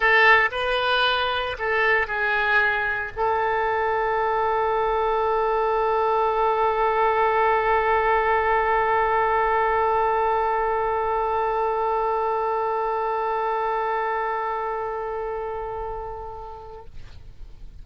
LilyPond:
\new Staff \with { instrumentName = "oboe" } { \time 4/4 \tempo 4 = 114 a'4 b'2 a'4 | gis'2 a'2~ | a'1~ | a'1~ |
a'1~ | a'1~ | a'1~ | a'1 | }